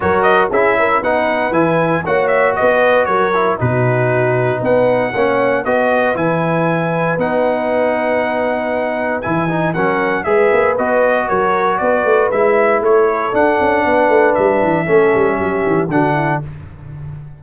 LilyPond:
<<
  \new Staff \with { instrumentName = "trumpet" } { \time 4/4 \tempo 4 = 117 cis''8 dis''8 e''4 fis''4 gis''4 | fis''8 e''8 dis''4 cis''4 b'4~ | b'4 fis''2 dis''4 | gis''2 fis''2~ |
fis''2 gis''4 fis''4 | e''4 dis''4 cis''4 d''4 | e''4 cis''4 fis''2 | e''2. fis''4 | }
  \new Staff \with { instrumentName = "horn" } { \time 4/4 ais'4 gis'8 ais'8 b'2 | cis''4 b'4 ais'4 fis'4~ | fis'4 b'4 cis''4 b'4~ | b'1~ |
b'2. ais'4 | b'2 ais'4 b'4~ | b'4 a'2 b'4~ | b'4 a'4 g'4 fis'8 e'8 | }
  \new Staff \with { instrumentName = "trombone" } { \time 4/4 fis'4 e'4 dis'4 e'4 | fis'2~ fis'8 e'8 dis'4~ | dis'2 cis'4 fis'4 | e'2 dis'2~ |
dis'2 e'8 dis'8 cis'4 | gis'4 fis'2. | e'2 d'2~ | d'4 cis'2 d'4 | }
  \new Staff \with { instrumentName = "tuba" } { \time 4/4 fis4 cis'4 b4 e4 | ais4 b4 fis4 b,4~ | b,4 b4 ais4 b4 | e2 b2~ |
b2 e4 fis4 | gis8 ais8 b4 fis4 b8 a8 | gis4 a4 d'8 cis'8 b8 a8 | g8 e8 a8 g8 fis8 e8 d4 | }
>>